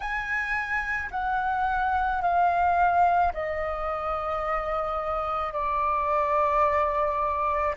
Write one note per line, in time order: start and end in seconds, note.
0.00 1.09 G#5
1.11 2.21 F#5
2.21 3.32 F5
3.33 5.53 D#5
5.53 7.75 D5